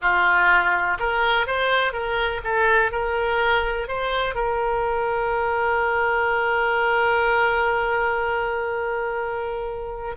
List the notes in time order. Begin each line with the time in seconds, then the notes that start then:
0.01 F4
0.99 A#4
1.46 C5
1.92 A#4
2.44 A4
2.91 A#4
3.88 C5
4.34 A#4